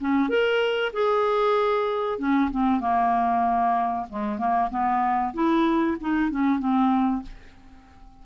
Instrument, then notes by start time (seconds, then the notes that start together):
clarinet
0.00 C#4
0.29 A#4
0.93 G#4
2.18 C#4
2.51 C4
2.80 A#3
4.09 G#3
4.38 A#3
4.70 B3
5.34 E4
6.00 D#4
6.30 C#4
6.59 C4